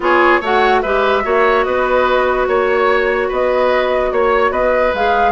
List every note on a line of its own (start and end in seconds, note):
0.00 0.39 B3
0.00 0.41 F4
0.00 0.40 G#4
0.00 0.44 C#5
0.40 0.82 A3
0.40 0.84 F#4
0.40 0.81 C#5
0.40 0.81 F#5
0.81 1.25 G#3
0.81 1.23 G4
0.81 1.23 B4
0.81 1.64 E5
1.23 1.65 A#3
1.23 4.92 F#4
1.23 1.66 C#5
1.64 2.47 B3
1.64 2.48 B4
1.64 2.46 D#5
2.47 3.29 A#3
2.47 3.29 C#5
2.47 3.27 C#5
3.27 4.12 B3
3.27 4.10 B4
3.27 4.12 D#5
4.12 4.51 A#3
4.12 4.52 C#5
4.12 4.51 C#5
4.51 4.92 B3
4.51 5.32 B4
4.51 4.93 D#5
4.94 5.32 G#3
4.94 5.32 G#4
4.94 5.32 F5